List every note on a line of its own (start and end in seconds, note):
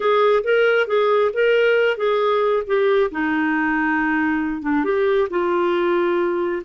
0.00 0.43 G#4
0.43 0.87 A#4
0.87 1.31 G#4
1.33 1.97 A#4
1.97 2.63 G#4
2.67 3.11 G4
3.11 4.62 D#4
4.62 4.84 D4
4.84 5.28 G4
5.30 6.62 F4